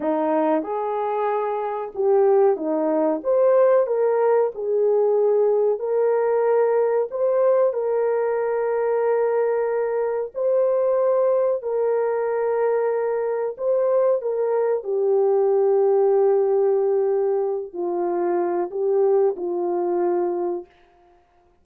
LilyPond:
\new Staff \with { instrumentName = "horn" } { \time 4/4 \tempo 4 = 93 dis'4 gis'2 g'4 | dis'4 c''4 ais'4 gis'4~ | gis'4 ais'2 c''4 | ais'1 |
c''2 ais'2~ | ais'4 c''4 ais'4 g'4~ | g'2.~ g'8 f'8~ | f'4 g'4 f'2 | }